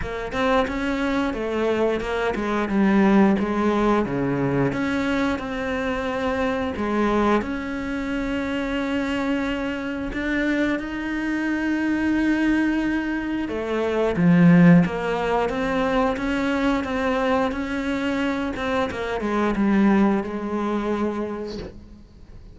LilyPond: \new Staff \with { instrumentName = "cello" } { \time 4/4 \tempo 4 = 89 ais8 c'8 cis'4 a4 ais8 gis8 | g4 gis4 cis4 cis'4 | c'2 gis4 cis'4~ | cis'2. d'4 |
dis'1 | a4 f4 ais4 c'4 | cis'4 c'4 cis'4. c'8 | ais8 gis8 g4 gis2 | }